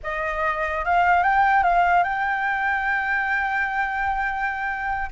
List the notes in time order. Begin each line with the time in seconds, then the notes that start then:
0.03 D#5
0.84 F5
1.23 G5
1.63 F5
2.03 G5